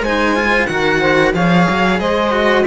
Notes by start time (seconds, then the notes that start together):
0.00 G#3 D#4 C5 G#5
0.35 F4
0.66 D#3 F#4 A#4 F#5
0.99 C5
1.33 F3 G#4 C#5 F5
1.69 F#3
1.99 G#3 C5 D#5
2.31 F#4